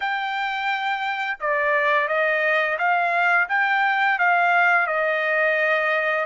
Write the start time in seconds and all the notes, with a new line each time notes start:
0.00 G5
1.40 D5
2.07 D#5
2.78 F5
3.49 G5
4.18 F5
4.86 D#5